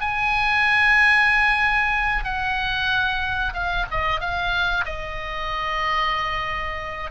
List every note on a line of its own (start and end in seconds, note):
0.00 2.24 G#5
2.24 3.53 F#5
3.54 3.86 F5
3.90 4.20 D#5
4.20 4.85 F5
4.85 7.11 D#5